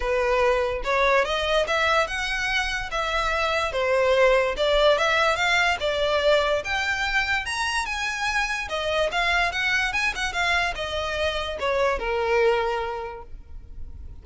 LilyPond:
\new Staff \with { instrumentName = "violin" } { \time 4/4 \tempo 4 = 145 b'2 cis''4 dis''4 | e''4 fis''2 e''4~ | e''4 c''2 d''4 | e''4 f''4 d''2 |
g''2 ais''4 gis''4~ | gis''4 dis''4 f''4 fis''4 | gis''8 fis''8 f''4 dis''2 | cis''4 ais'2. | }